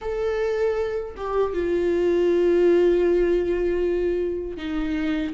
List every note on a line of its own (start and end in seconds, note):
0.01 1.15 A4
1.16 1.53 G4
1.53 4.57 F4
4.57 5.33 D#4